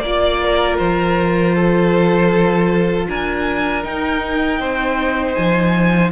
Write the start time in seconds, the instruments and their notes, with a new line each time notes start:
0.00 cello A#3, viola F4, violin D5
0.07 violin D5
0.44 violin A#4
0.78 cello F3, violin C5
1.55 violin A4
3.08 cello D4, violin A#4 G#5
3.83 viola D#4, cello D#4, violin G5
4.60 cello C4, violin C5
5.35 cello F3, violin G#5